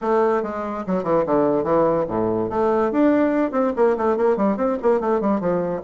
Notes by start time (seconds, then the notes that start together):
0.01 A3
0.42 G#3
0.86 F#3
1.03 E3
1.26 D3
1.63 E3
2.08 A2
2.49 A3
2.91 D4
3.51 C4
3.75 A#3
3.97 A3
4.16 A#3
4.37 G3
4.56 C4
4.82 A#3
5.00 A3
5.20 G3
5.40 F3